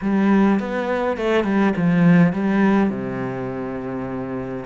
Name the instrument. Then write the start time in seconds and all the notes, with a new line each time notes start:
cello
0.01 G3
0.59 B3
1.17 A3
1.44 G3
1.76 F3
2.32 G3
2.90 C3